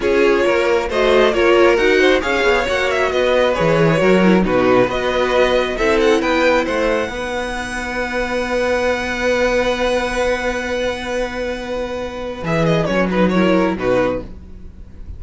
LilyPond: <<
  \new Staff \with { instrumentName = "violin" } { \time 4/4 \tempo 4 = 135 cis''2 dis''4 cis''4 | fis''4 f''4 fis''8 e''8 dis''4 | cis''2 b'4 dis''4~ | dis''4 e''8 fis''8 g''4 fis''4~ |
fis''1~ | fis''1~ | fis''1 | e''8 dis''8 cis''8 b'8 cis''4 b'4 | }
  \new Staff \with { instrumentName = "violin" } { \time 4/4 gis'4 ais'4 c''4 ais'4~ | ais'8 c''8 cis''2 b'4~ | b'4 ais'4 fis'4 b'4~ | b'4 a'4 b'4 c''4 |
b'1~ | b'1~ | b'1~ | b'2 ais'4 fis'4 | }
  \new Staff \with { instrumentName = "viola" } { \time 4/4 f'2 fis'4 f'4 | fis'4 gis'4 fis'2 | gis'4 fis'8 e'8 dis'4 fis'4~ | fis'4 e'2. |
dis'1~ | dis'1~ | dis'1 | gis'4 cis'8 dis'8 e'4 dis'4 | }
  \new Staff \with { instrumentName = "cello" } { \time 4/4 cis'4 ais4 a4 ais4 | dis'4 cis'8 b8 ais4 b4 | e4 fis4 b,4 b4~ | b4 c'4 b4 a4 |
b1~ | b1~ | b1 | e4 fis2 b,4 | }
>>